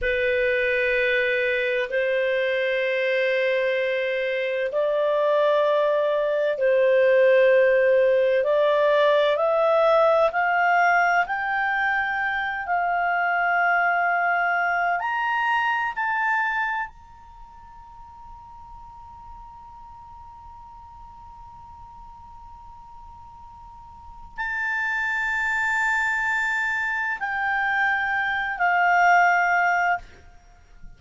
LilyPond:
\new Staff \with { instrumentName = "clarinet" } { \time 4/4 \tempo 4 = 64 b'2 c''2~ | c''4 d''2 c''4~ | c''4 d''4 e''4 f''4 | g''4. f''2~ f''8 |
ais''4 a''4 ais''2~ | ais''1~ | ais''2 a''2~ | a''4 g''4. f''4. | }